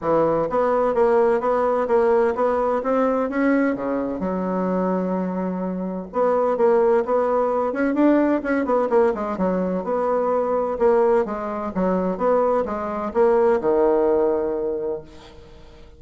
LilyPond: \new Staff \with { instrumentName = "bassoon" } { \time 4/4 \tempo 4 = 128 e4 b4 ais4 b4 | ais4 b4 c'4 cis'4 | cis4 fis2.~ | fis4 b4 ais4 b4~ |
b8 cis'8 d'4 cis'8 b8 ais8 gis8 | fis4 b2 ais4 | gis4 fis4 b4 gis4 | ais4 dis2. | }